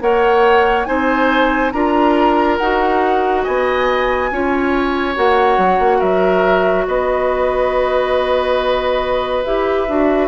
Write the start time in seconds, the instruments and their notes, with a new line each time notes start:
0.00 bassoon A#3, clarinet A#4, oboe C#5, flute F#5
0.85 bassoon C4, clarinet D#4, oboe C5, flute G#5
1.71 bassoon D4, clarinet F4, oboe A#4, flute A#5
2.57 bassoon D#4, clarinet F#4, flute F#5
3.43 bassoon B3, oboe D#5, flute G#5
4.30 bassoon C#4, clarinet F4, oboe C#5
5.15 bassoon A#3, clarinet F#4, flute F#5
5.57 bassoon F#3
5.79 bassoon A#3
5.98 bassoon F#3, oboe A#4, flute E5
6.87 bassoon B3, oboe B4, flute D#5
9.44 bassoon E4, clarinet G4, flute E5
9.88 bassoon D4, clarinet F#4